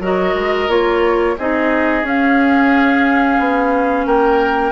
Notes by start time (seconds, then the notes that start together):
0.00 F#3 F#4 A#4 D#5
0.35 G#3
0.68 A#3 F4 C#5
1.38 C4 D#4 G#4 D#5
2.03 C#4 F5
3.39 B3
4.06 A#3 A#4 G5